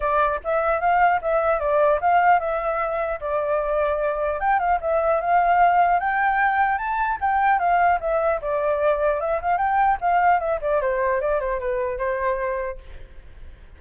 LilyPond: \new Staff \with { instrumentName = "flute" } { \time 4/4 \tempo 4 = 150 d''4 e''4 f''4 e''4 | d''4 f''4 e''2 | d''2. g''8 f''8 | e''4 f''2 g''4~ |
g''4 a''4 g''4 f''4 | e''4 d''2 e''8 f''8 | g''4 f''4 e''8 d''8 c''4 | d''8 c''8 b'4 c''2 | }